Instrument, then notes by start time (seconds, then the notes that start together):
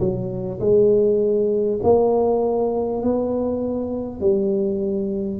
tuba
0.00 F#3
0.61 G#3
1.83 A#3
3.03 B3
4.21 G3